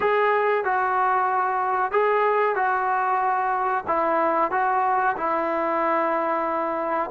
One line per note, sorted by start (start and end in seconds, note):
0.00 0.64 G#4
0.64 1.91 F#4
1.91 2.55 G#4
2.55 3.84 F#4
3.87 4.51 E4
4.51 5.16 F#4
5.16 7.10 E4